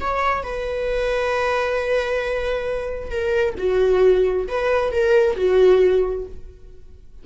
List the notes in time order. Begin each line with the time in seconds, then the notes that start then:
0.00 C#5
0.43 B4
3.10 A#4
3.57 F#4
4.47 B4
4.91 A#4
5.36 F#4